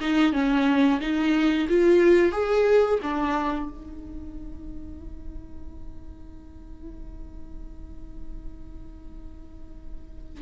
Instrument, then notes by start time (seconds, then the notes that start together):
viola
0.00 D#4
0.32 C#4
1.00 D#4
1.69 F4
2.32 G#4
3.02 D4
3.70 D#4